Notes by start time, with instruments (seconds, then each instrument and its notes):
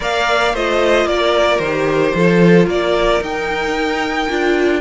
0.00 cello A#3, viola A#4, violin D5 F5
0.53 cello A3, viola F4, violin C5 D#5
1.05 cello A#3, violin A#4 D5
1.59 cello D#3, viola G4, violin C5
2.14 cello F3, viola F4, violin A4
2.66 cello A#3, violin A#4 D5
3.20 cello D#4, viola D#4, violin G5
4.29 cello D4, viola F4